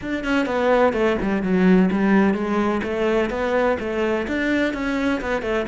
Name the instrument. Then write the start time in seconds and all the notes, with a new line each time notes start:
cello
0.01 D4
0.24 C#4
0.46 B3
0.93 A3
1.21 G3
1.42 F#3
1.91 G3
2.34 G#3
2.83 A3
3.29 B3
3.79 A3
4.27 D4
4.73 C#4
5.21 B3
5.42 A3